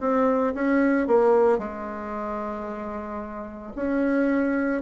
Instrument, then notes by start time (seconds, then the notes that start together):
bassoon
0.00 C4
0.55 C#4
1.07 A#3
1.59 G#3
3.76 C#4